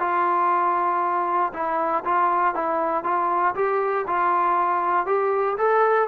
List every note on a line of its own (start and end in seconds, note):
0.00 1.53 F4
1.53 2.04 E4
2.05 2.55 F4
2.55 3.04 E4
3.04 3.55 F4
3.55 4.06 G4
4.07 5.06 F4
5.06 5.57 G4
5.58 6.08 A4